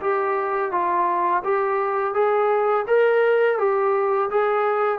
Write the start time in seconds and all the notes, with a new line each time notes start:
0.00 G4
0.71 F4
1.44 G4
2.14 G#4
2.87 A#4
3.58 G4
4.30 G#4